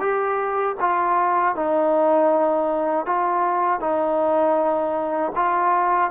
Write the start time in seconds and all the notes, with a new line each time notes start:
0.00 G4
0.81 F4
1.56 D#4
3.06 F4
3.81 D#4
5.36 F4